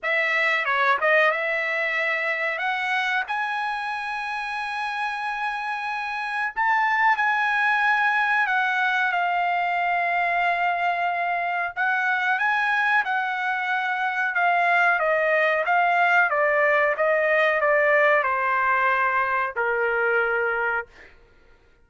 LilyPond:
\new Staff \with { instrumentName = "trumpet" } { \time 4/4 \tempo 4 = 92 e''4 cis''8 dis''8 e''2 | fis''4 gis''2.~ | gis''2 a''4 gis''4~ | gis''4 fis''4 f''2~ |
f''2 fis''4 gis''4 | fis''2 f''4 dis''4 | f''4 d''4 dis''4 d''4 | c''2 ais'2 | }